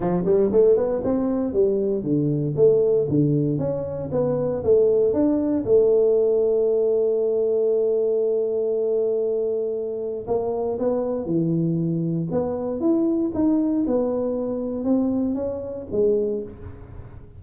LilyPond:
\new Staff \with { instrumentName = "tuba" } { \time 4/4 \tempo 4 = 117 f8 g8 a8 b8 c'4 g4 | d4 a4 d4 cis'4 | b4 a4 d'4 a4~ | a1~ |
a1 | ais4 b4 e2 | b4 e'4 dis'4 b4~ | b4 c'4 cis'4 gis4 | }